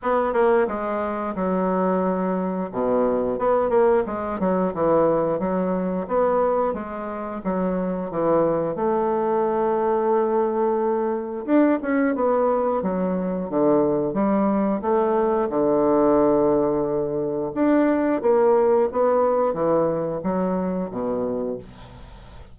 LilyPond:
\new Staff \with { instrumentName = "bassoon" } { \time 4/4 \tempo 4 = 89 b8 ais8 gis4 fis2 | b,4 b8 ais8 gis8 fis8 e4 | fis4 b4 gis4 fis4 | e4 a2.~ |
a4 d'8 cis'8 b4 fis4 | d4 g4 a4 d4~ | d2 d'4 ais4 | b4 e4 fis4 b,4 | }